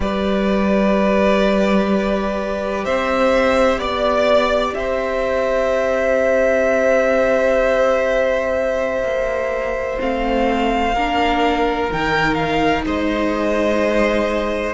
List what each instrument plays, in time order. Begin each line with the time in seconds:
0.00 cello G3, viola G4, violin B4 D5
2.85 cello C4, violin C5 E5
3.78 cello B3, violin D5
4.74 cello C4, violin C5 E5
9.02 cello A#3
9.98 cello A3, viola C4, violin F5
10.94 cello A#3, viola D4, violin A#4
11.91 cello D#3, viola D#4, violin G5
12.34 violin F5
12.86 cello G#3, violin C5 D#5